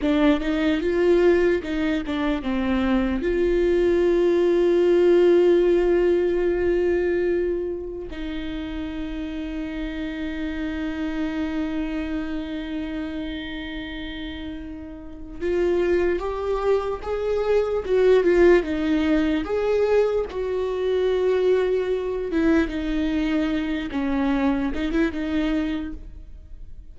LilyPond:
\new Staff \with { instrumentName = "viola" } { \time 4/4 \tempo 4 = 74 d'8 dis'8 f'4 dis'8 d'8 c'4 | f'1~ | f'2 dis'2~ | dis'1~ |
dis'2. f'4 | g'4 gis'4 fis'8 f'8 dis'4 | gis'4 fis'2~ fis'8 e'8 | dis'4. cis'4 dis'16 e'16 dis'4 | }